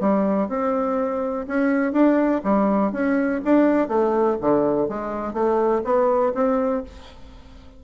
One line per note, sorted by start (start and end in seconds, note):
0.00 0.48 G3
0.48 1.46 C4
1.47 1.92 C#4
1.92 2.41 D4
2.43 2.92 G3
2.92 3.41 C#4
3.44 3.88 D4
3.88 4.37 A3
4.41 4.88 D3
4.88 5.33 G#3
5.33 5.82 A3
5.84 6.33 B3
6.34 6.83 C4